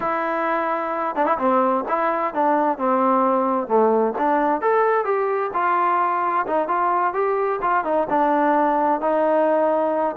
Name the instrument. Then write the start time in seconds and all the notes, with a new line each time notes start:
trombone
0.00 E4
1.15 D4
1.26 E4
1.38 C4
1.88 E4
2.33 D4
2.78 C4
3.67 A3
4.17 D4
4.61 A4
5.04 G4
5.53 F4
6.47 D#4
6.68 F4
7.13 G4
7.61 F4
7.84 D#4
8.09 D4
9.00 D#4